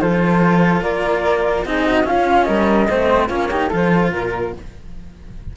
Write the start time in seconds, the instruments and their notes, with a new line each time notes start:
0.00 cello F3 F4, flute A4 C5
0.81 cello A#3, flute A#4 D5
1.64 cello C4 D#4, flute G#4 D#5
1.86 flute F#4
2.04 cello C#4, flute F4 F5
2.11 cello C#4
2.44 cello G3, flute A#4 D#5
2.89 cello A3 C4, flute C5
3.28 cello A#3 C#4, flute F4 C#5
3.51 cello D#4, flute G4
3.69 cello F3 F4, flute A4
3.76 flute C5
4.11 cello A#2, flute A#4